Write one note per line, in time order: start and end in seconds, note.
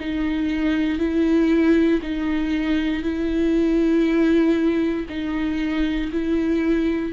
0.00 0.99 D#4
0.99 2.01 E4
2.02 3.03 D#4
3.03 5.06 E4
5.09 6.11 D#4
6.12 7.13 E4